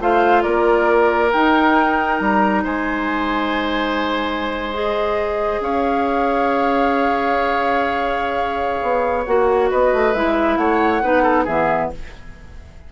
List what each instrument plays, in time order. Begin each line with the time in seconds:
0.00 bassoon A3, clarinet F4, oboe C5, flute F5
0.42 bassoon A#3, oboe A#4, flute D5
1.32 clarinet D#4, bassoon D#4, flute G5
2.18 bassoon G3, flute A#5
2.63 bassoon G#3, oboe C5, flute G#5
4.74 clarinet G#4, flute D#5
5.60 bassoon C#4, oboe C#5, flute F5
8.82 bassoon B3
9.25 bassoon A#3, clarinet F#4, flute F#5
9.70 bassoon B3, oboe B4, flute D#5
9.93 bassoon A3
10.13 bassoon G#3, clarinet E4, flute E5
10.57 bassoon A3, oboe C#5, flute F#5
11.02 bassoon B3, clarinet D#4, oboe B4
11.23 oboe A4
11.44 bassoon E3, clarinet B3, oboe G#4, flute E5